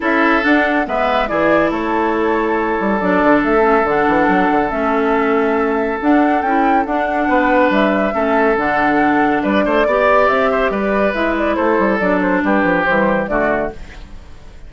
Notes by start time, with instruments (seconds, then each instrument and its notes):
0.00 bassoon C#4, clarinet E4, oboe A4, flute E5
0.42 clarinet D4, bassoon D4, flute F#5
0.85 bassoon G#3, clarinet B3, oboe B4, flute E5
1.27 bassoon E3, clarinet E4, oboe G#4, flute D5
1.70 bassoon A3, oboe A4, flute C#5
2.80 bassoon G3
2.99 bassoon F#3, clarinet D4, flute D5
3.23 bassoon D3
3.43 bassoon A3, flute E5
3.60 clarinet C#4
3.84 bassoon D3, clarinet D4, flute F#5
4.08 bassoon E3
4.27 bassoon F#3
4.51 bassoon D3
4.69 bassoon A3, clarinet C#4, flute E5
6.01 bassoon D4, clarinet D4, flute F#5
6.41 bassoon C#4, clarinet E4, flute G5
6.85 bassoon D4, clarinet D4, flute F#5
7.28 bassoon B3, oboe B4
7.69 bassoon G3, flute E5
8.12 bassoon A3, clarinet C#4, oboe A4
8.56 bassoon D3, clarinet D4, flute F#5
9.42 bassoon G3, oboe B4, flute D5
9.65 bassoon A3, oboe C5
9.85 bassoon B3, clarinet G4, oboe D5
10.27 bassoon C4, flute E5
10.51 oboe C5
10.70 bassoon G3, oboe B4, flute D5
11.13 bassoon G#3, clarinet E4, flute E5
11.37 flute D5
11.55 bassoon A3, oboe A4, flute C5
11.78 bassoon G3
11.98 bassoon F#3, clarinet D4, flute D5
12.21 flute C5
12.43 bassoon G3, oboe G4, flute B4
12.64 bassoon F3
12.84 bassoon E3, clarinet G3, flute C5
13.27 bassoon D3, clarinet A3, oboe F#4, flute D5